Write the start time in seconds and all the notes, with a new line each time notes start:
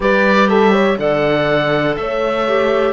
0.00 G3 G4 B4 D5
0.48 A4 E5
0.72 C#5
0.98 D3 A4 D5 F#5
1.96 A3 C#5 E5
2.47 G4